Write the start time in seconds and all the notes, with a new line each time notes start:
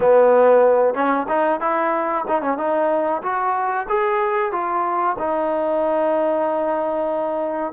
0.00 B3
0.94 C#4
1.28 D#4
1.60 E4
2.28 D#4
2.41 C#4
2.57 D#4
3.22 F#4
3.89 G#4
4.52 F4
5.18 D#4